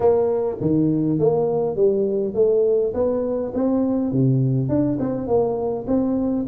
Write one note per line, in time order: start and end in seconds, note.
0.00 0.57 A#3
0.60 1.19 D#3
1.19 1.76 A#3
1.76 2.34 G3
2.34 2.93 A3
2.94 3.52 B3
3.54 4.12 C4
4.12 4.68 C3
4.68 4.98 D4
4.99 5.27 C4
5.27 5.86 A#3
5.87 6.46 C4